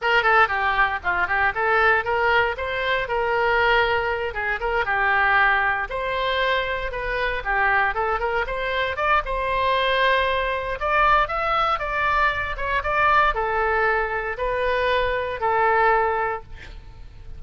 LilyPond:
\new Staff \with { instrumentName = "oboe" } { \time 4/4 \tempo 4 = 117 ais'8 a'8 g'4 f'8 g'8 a'4 | ais'4 c''4 ais'2~ | ais'8 gis'8 ais'8 g'2 c''8~ | c''4. b'4 g'4 a'8 |
ais'8 c''4 d''8 c''2~ | c''4 d''4 e''4 d''4~ | d''8 cis''8 d''4 a'2 | b'2 a'2 | }